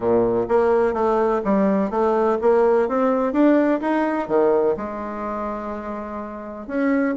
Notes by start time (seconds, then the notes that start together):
0.00 A#2
0.48 A#3
0.93 A3
1.44 G3
1.90 A3
2.41 A#3
2.88 C4
3.32 D4
3.81 D#4
4.27 D#3
4.76 G#3
6.67 C#4